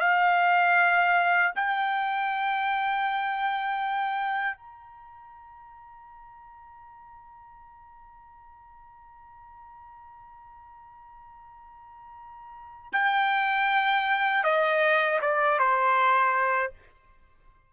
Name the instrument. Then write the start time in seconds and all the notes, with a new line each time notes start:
trumpet
0.00 F5
1.55 G5
4.57 A#5
12.93 G5
14.43 D#5
15.21 D5
15.59 C5